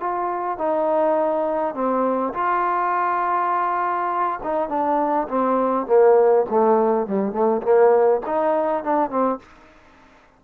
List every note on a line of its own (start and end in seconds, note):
0.00 0.58 F4
0.58 1.75 D#4
1.75 2.33 C4
2.34 4.40 F4
4.43 4.69 D#4
4.69 5.28 D4
5.29 5.87 C4
5.87 6.45 A#3
6.50 7.07 A3
7.07 7.32 G3
7.32 7.61 A3
7.62 8.21 A#3
8.26 8.84 D#4
8.84 9.10 D4
9.10 9.39 C4